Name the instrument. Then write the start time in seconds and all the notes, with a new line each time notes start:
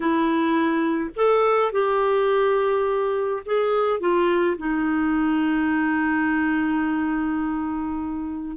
clarinet
0.00 E4
1.16 A4
1.71 G4
3.45 G#4
3.99 F4
4.57 D#4